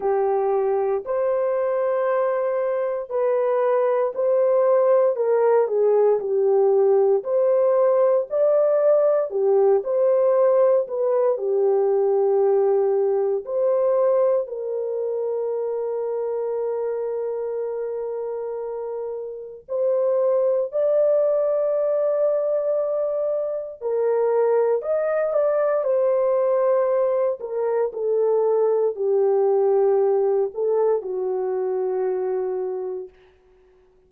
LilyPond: \new Staff \with { instrumentName = "horn" } { \time 4/4 \tempo 4 = 58 g'4 c''2 b'4 | c''4 ais'8 gis'8 g'4 c''4 | d''4 g'8 c''4 b'8 g'4~ | g'4 c''4 ais'2~ |
ais'2. c''4 | d''2. ais'4 | dis''8 d''8 c''4. ais'8 a'4 | g'4. a'8 fis'2 | }